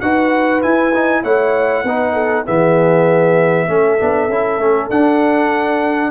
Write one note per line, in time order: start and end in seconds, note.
0.00 0.63 D#4
0.00 0.62 F#4
0.00 1.23 B4
0.00 0.61 F#5
0.62 0.93 E4
0.62 1.23 E4
0.62 1.23 G#5
0.94 1.24 D#4
1.23 1.84 A3
1.23 1.85 E4
1.23 1.84 C#5
1.23 2.46 F#5
1.84 2.45 B3
1.84 2.46 D#4
1.84 2.13 B4
2.13 2.44 A4
2.45 3.69 E3
2.45 3.67 B3
2.45 3.67 G#4
2.45 4.90 E5
3.67 3.99 A3
3.67 3.98 C#4
3.67 6.11 A4
3.98 4.29 B3
3.98 4.29 D4
4.29 4.58 C#4
4.29 4.59 E4
4.58 4.89 A3
4.58 4.90 C#4
4.90 6.11 D4
4.90 6.11 F#5